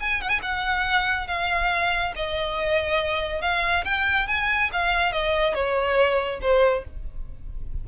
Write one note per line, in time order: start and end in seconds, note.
0.00 0.21 G#5
0.21 0.29 F#5
0.29 0.40 G#5
0.42 1.27 F#5
1.27 2.13 F5
2.15 3.41 D#5
3.41 3.84 F5
3.84 4.27 G5
4.27 4.70 G#5
4.72 5.12 F5
5.12 5.54 D#5
5.54 6.40 C#5
6.41 6.84 C5